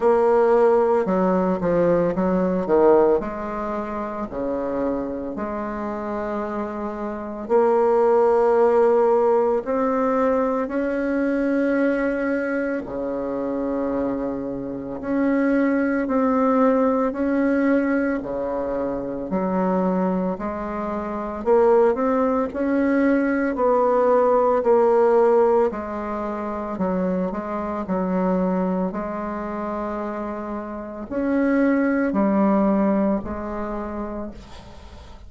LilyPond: \new Staff \with { instrumentName = "bassoon" } { \time 4/4 \tempo 4 = 56 ais4 fis8 f8 fis8 dis8 gis4 | cis4 gis2 ais4~ | ais4 c'4 cis'2 | cis2 cis'4 c'4 |
cis'4 cis4 fis4 gis4 | ais8 c'8 cis'4 b4 ais4 | gis4 fis8 gis8 fis4 gis4~ | gis4 cis'4 g4 gis4 | }